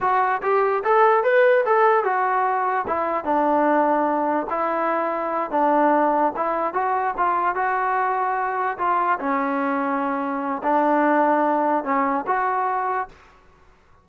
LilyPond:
\new Staff \with { instrumentName = "trombone" } { \time 4/4 \tempo 4 = 147 fis'4 g'4 a'4 b'4 | a'4 fis'2 e'4 | d'2. e'4~ | e'4. d'2 e'8~ |
e'8 fis'4 f'4 fis'4.~ | fis'4. f'4 cis'4.~ | cis'2 d'2~ | d'4 cis'4 fis'2 | }